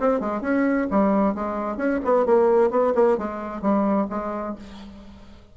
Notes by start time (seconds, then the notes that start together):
0.00 C4
0.20 G#3
0.42 C#4
0.91 G3
1.34 G#3
1.77 C#4
2.04 B3
2.26 A#3
2.71 B3
2.95 A#3
3.18 G#3
3.62 G3
4.10 G#3